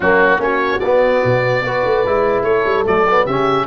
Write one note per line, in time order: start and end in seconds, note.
0.00 0.38 F#3
0.00 0.38 A#3
0.00 0.40 C#4
0.00 0.41 F#4
0.38 0.78 A#3
0.38 0.79 C#4
0.38 1.64 F#4
0.38 0.79 C#5
0.79 1.23 B3
0.79 1.65 B3
0.79 2.42 D5
1.24 1.63 B2
1.63 1.83 B3
1.63 2.05 F#4
1.63 2.44 B4
1.84 2.05 A3
2.05 2.42 G#3
2.05 2.84 E4
2.42 2.63 A3
2.42 3.25 A4
2.42 2.84 C#5
2.65 2.86 G3
2.84 3.25 F#3
2.84 3.05 A3
2.84 3.26 D5
3.09 3.28 B3
3.25 3.66 C#3
3.25 3.66 C#4
3.25 3.66 G4
3.25 3.66 E5